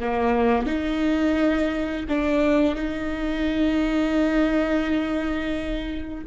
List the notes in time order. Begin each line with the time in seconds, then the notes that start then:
0.00 A#3
0.67 D#4
2.08 D4
2.76 D#4